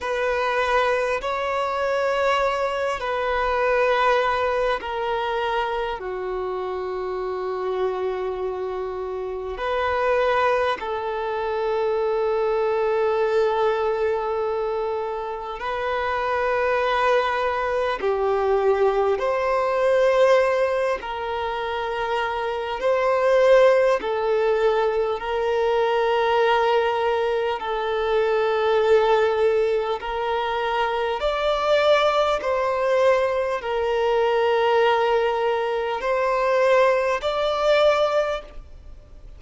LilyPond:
\new Staff \with { instrumentName = "violin" } { \time 4/4 \tempo 4 = 50 b'4 cis''4. b'4. | ais'4 fis'2. | b'4 a'2.~ | a'4 b'2 g'4 |
c''4. ais'4. c''4 | a'4 ais'2 a'4~ | a'4 ais'4 d''4 c''4 | ais'2 c''4 d''4 | }